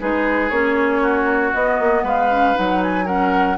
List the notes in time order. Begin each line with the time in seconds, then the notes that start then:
0.00 G#3 D#4 G#4 B4
0.49 A#3 C#4 C#5
1.02 F#4
1.53 B3 D#5
1.79 A#3
2.03 G#3 B4 F5
2.30 C#4
2.55 F#3 D#4 F#5
2.83 G#5
3.05 C#4 A#4 F#5